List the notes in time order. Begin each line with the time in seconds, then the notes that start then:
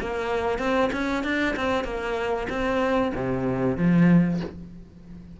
0.00 A#3
0.58 C4
0.92 C#4
1.23 D4
1.56 C4
1.84 A#3
2.49 C4
3.15 C3
3.77 F3